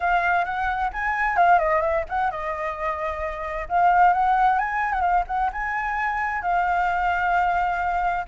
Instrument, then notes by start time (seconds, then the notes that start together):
flute
0.00 F5
0.45 F#5
0.92 G#5
1.36 F5
1.58 D#5
1.81 E5
2.09 F#5
2.30 D#5
3.68 F5
4.13 F#5
4.58 G#5
4.92 F#5
5.00 F5
5.27 F#5
5.52 G#5
6.41 F5